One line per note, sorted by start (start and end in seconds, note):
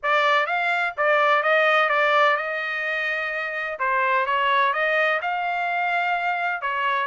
0.02 0.46 D5
0.46 0.93 F5
0.97 1.42 D5
1.42 1.89 D#5
1.89 2.36 D5
2.36 3.78 D#5
3.79 4.26 C5
4.26 4.73 C#5
4.73 5.20 D#5
5.21 6.61 F5
6.61 7.07 C#5